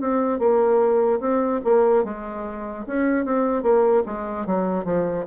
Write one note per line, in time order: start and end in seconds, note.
0.00 0.39 C4
0.39 1.20 A#3
1.20 1.61 C4
1.64 2.04 A#3
2.04 2.85 G#3
2.87 3.25 C#4
3.25 3.62 C4
3.62 4.03 A#3
4.06 4.46 G#3
4.46 4.84 F#3
4.84 5.25 F3